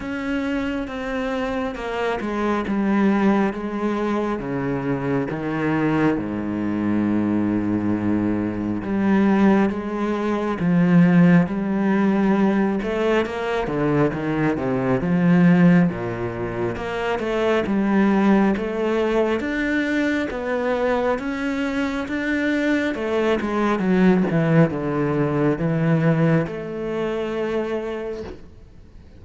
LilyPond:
\new Staff \with { instrumentName = "cello" } { \time 4/4 \tempo 4 = 68 cis'4 c'4 ais8 gis8 g4 | gis4 cis4 dis4 gis,4~ | gis,2 g4 gis4 | f4 g4. a8 ais8 d8 |
dis8 c8 f4 ais,4 ais8 a8 | g4 a4 d'4 b4 | cis'4 d'4 a8 gis8 fis8 e8 | d4 e4 a2 | }